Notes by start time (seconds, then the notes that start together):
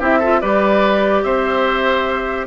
0.00 C4 E4 G4 E5
0.19 F4 A4
0.41 G3 G4 B4 D5
1.23 C4 C5 E5